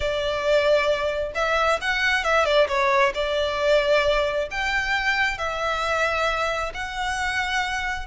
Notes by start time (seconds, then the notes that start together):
0.00 D5
1.34 E5
1.81 F#5
2.24 E5
2.45 D5
2.68 C#5
3.14 D5
4.51 G5
5.38 E5
6.74 F#5